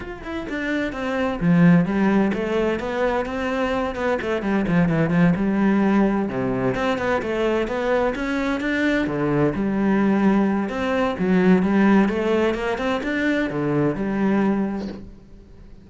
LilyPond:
\new Staff \with { instrumentName = "cello" } { \time 4/4 \tempo 4 = 129 f'8 e'8 d'4 c'4 f4 | g4 a4 b4 c'4~ | c'8 b8 a8 g8 f8 e8 f8 g8~ | g4. c4 c'8 b8 a8~ |
a8 b4 cis'4 d'4 d8~ | d8 g2~ g8 c'4 | fis4 g4 a4 ais8 c'8 | d'4 d4 g2 | }